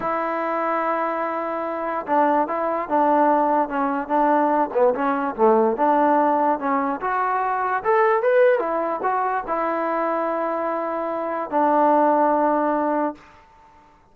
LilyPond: \new Staff \with { instrumentName = "trombone" } { \time 4/4 \tempo 4 = 146 e'1~ | e'4 d'4 e'4 d'4~ | d'4 cis'4 d'4. b8 | cis'4 a4 d'2 |
cis'4 fis'2 a'4 | b'4 e'4 fis'4 e'4~ | e'1 | d'1 | }